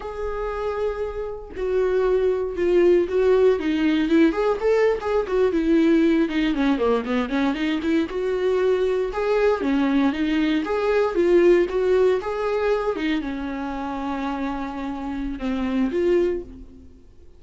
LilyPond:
\new Staff \with { instrumentName = "viola" } { \time 4/4 \tempo 4 = 117 gis'2. fis'4~ | fis'4 f'4 fis'4 dis'4 | e'8 gis'8 a'8. gis'8 fis'8 e'4~ e'16~ | e'16 dis'8 cis'8 ais8 b8 cis'8 dis'8 e'8 fis'16~ |
fis'4.~ fis'16 gis'4 cis'4 dis'16~ | dis'8. gis'4 f'4 fis'4 gis'16~ | gis'4~ gis'16 dis'8 cis'2~ cis'16~ | cis'2 c'4 f'4 | }